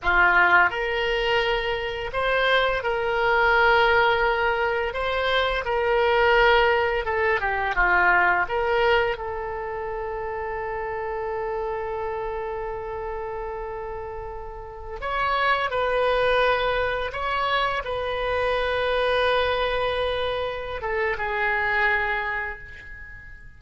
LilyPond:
\new Staff \with { instrumentName = "oboe" } { \time 4/4 \tempo 4 = 85 f'4 ais'2 c''4 | ais'2. c''4 | ais'2 a'8 g'8 f'4 | ais'4 a'2.~ |
a'1~ | a'4~ a'16 cis''4 b'4.~ b'16~ | b'16 cis''4 b'2~ b'8.~ | b'4. a'8 gis'2 | }